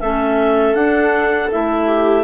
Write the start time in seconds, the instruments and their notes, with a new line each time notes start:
0.00 bassoon A3, clarinet C#4 E5, viola A4
0.74 bassoon D4, clarinet D4 F#5
1.51 bassoon A3, clarinet E4 E5
1.88 viola G4